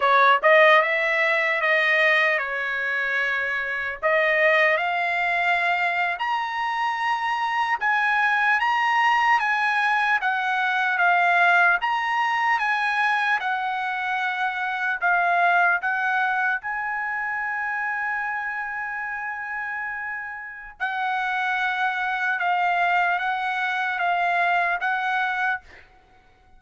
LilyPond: \new Staff \with { instrumentName = "trumpet" } { \time 4/4 \tempo 4 = 75 cis''8 dis''8 e''4 dis''4 cis''4~ | cis''4 dis''4 f''4.~ f''16 ais''16~ | ais''4.~ ais''16 gis''4 ais''4 gis''16~ | gis''8. fis''4 f''4 ais''4 gis''16~ |
gis''8. fis''2 f''4 fis''16~ | fis''8. gis''2.~ gis''16~ | gis''2 fis''2 | f''4 fis''4 f''4 fis''4 | }